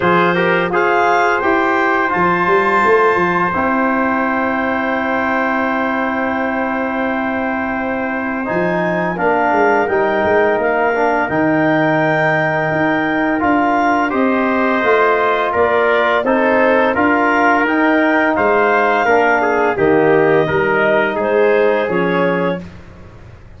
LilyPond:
<<
  \new Staff \with { instrumentName = "clarinet" } { \time 4/4 \tempo 4 = 85 c''4 f''4 g''4 a''4~ | a''4 g''2.~ | g''1 | gis''4 f''4 g''4 f''4 |
g''2. f''4 | dis''2 d''4 c''4 | f''4 g''4 f''2 | dis''2 c''4 cis''4 | }
  \new Staff \with { instrumentName = "trumpet" } { \time 4/4 gis'8 ais'8 c''2.~ | c''1~ | c''1~ | c''4 ais'2.~ |
ais'1 | c''2 ais'4 a'4 | ais'2 c''4 ais'8 gis'8 | g'4 ais'4 gis'2 | }
  \new Staff \with { instrumentName = "trombone" } { \time 4/4 f'8 g'8 gis'4 g'4 f'4~ | f'4 e'2.~ | e'1 | dis'4 d'4 dis'4. d'8 |
dis'2. f'4 | g'4 f'2 dis'4 | f'4 dis'2 d'4 | ais4 dis'2 cis'4 | }
  \new Staff \with { instrumentName = "tuba" } { \time 4/4 f4 f'4 e'4 f8 g8 | a8 f8 c'2.~ | c'1 | f4 ais8 gis8 g8 gis8 ais4 |
dis2 dis'4 d'4 | c'4 a4 ais4 c'4 | d'4 dis'4 gis4 ais4 | dis4 g4 gis4 f4 | }
>>